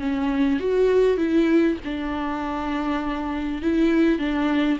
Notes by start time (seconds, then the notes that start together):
0.00 C#4
0.60 F#4
1.18 E4
1.85 D4
3.62 E4
4.19 D4